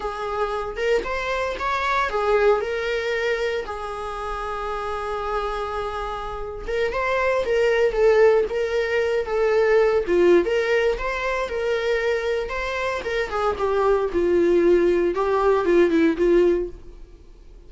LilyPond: \new Staff \with { instrumentName = "viola" } { \time 4/4 \tempo 4 = 115 gis'4. ais'8 c''4 cis''4 | gis'4 ais'2 gis'4~ | gis'1~ | gis'8. ais'8 c''4 ais'4 a'8.~ |
a'16 ais'4. a'4. f'8. | ais'4 c''4 ais'2 | c''4 ais'8 gis'8 g'4 f'4~ | f'4 g'4 f'8 e'8 f'4 | }